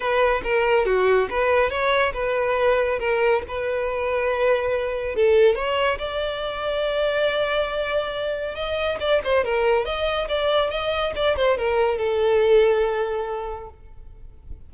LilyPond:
\new Staff \with { instrumentName = "violin" } { \time 4/4 \tempo 4 = 140 b'4 ais'4 fis'4 b'4 | cis''4 b'2 ais'4 | b'1 | a'4 cis''4 d''2~ |
d''1 | dis''4 d''8 c''8 ais'4 dis''4 | d''4 dis''4 d''8 c''8 ais'4 | a'1 | }